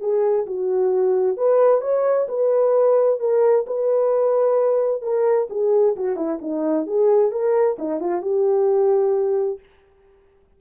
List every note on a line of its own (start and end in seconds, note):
0.00 0.46 G#4
0.46 1.37 F#4
1.37 1.81 B4
1.81 2.27 C#5
2.28 3.19 B4
3.19 3.65 A#4
3.66 5.02 B4
5.02 5.47 A#4
5.50 5.96 G#4
5.96 6.16 F#4
6.16 6.39 E4
6.41 6.86 D#4
6.86 7.31 G#4
7.31 7.77 A#4
7.78 8.00 D#4
8.00 8.22 F4
8.22 9.59 G4